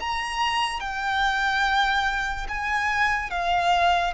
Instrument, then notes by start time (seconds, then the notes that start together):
violin
0.00 A#5
0.80 G5
2.48 G#5
3.31 F5